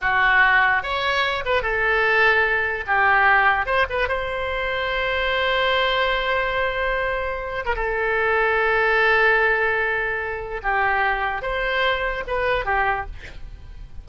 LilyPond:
\new Staff \with { instrumentName = "oboe" } { \time 4/4 \tempo 4 = 147 fis'2 cis''4. b'8 | a'2. g'4~ | g'4 c''8 b'8 c''2~ | c''1~ |
c''2~ c''8. ais'16 a'4~ | a'1~ | a'2 g'2 | c''2 b'4 g'4 | }